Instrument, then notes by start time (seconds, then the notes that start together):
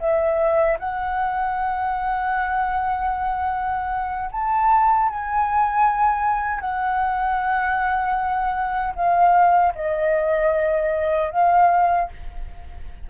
flute
0.00 E5
0.79 F#5
4.32 A5
5.09 G#5
6.61 F#5
8.95 F5
9.75 D#5
11.31 F5